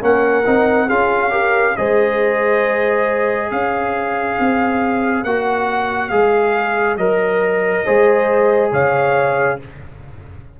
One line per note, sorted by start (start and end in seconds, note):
0.00 0.45 A#3
0.00 0.44 C#4
0.00 0.87 A#4
0.00 0.89 F#5
0.45 0.89 C4
0.45 0.88 D#4
0.87 1.76 C#4
0.87 1.30 F4
0.87 1.30 G#4
0.87 1.76 F5
1.30 1.73 G4
1.30 1.75 A#4
1.76 3.51 G#3
1.76 5.25 G#4
1.76 3.50 C5
1.76 3.50 D#5
3.50 4.38 C#4
3.50 7.84 C#5
3.50 5.24 F5
4.39 5.23 C4
5.23 6.10 A#3
5.23 6.11 F#4
5.23 6.09 F#5
6.09 6.97 G#3
6.09 6.98 G#4
6.09 6.96 F5
6.97 7.84 F#3
6.97 7.85 A#4
6.97 8.71 D#5
7.84 8.72 G#3
7.84 9.59 G#4
7.84 8.71 C5
8.72 9.59 C#3
8.72 9.59 C#5
8.72 9.60 F5